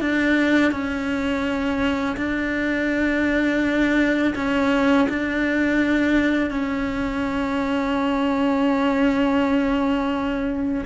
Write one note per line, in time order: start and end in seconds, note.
0.00 0.71 D4
0.71 2.16 C#4
2.17 4.33 D4
4.35 5.07 C#4
5.09 6.50 D4
6.50 10.84 C#4